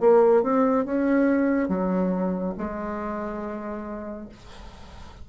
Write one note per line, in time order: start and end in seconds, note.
0.00 0.43 A#3
0.43 0.85 C4
0.85 1.69 C#4
1.69 2.54 F#3
2.58 4.29 G#3